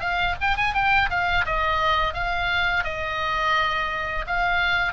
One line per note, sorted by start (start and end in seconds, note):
0.00 0.35 F5
0.41 0.56 G5
0.56 0.74 G#5
0.74 1.09 G5
1.10 1.45 F5
1.45 2.13 D#5
2.13 2.84 F5
2.84 4.25 D#5
4.27 4.93 F5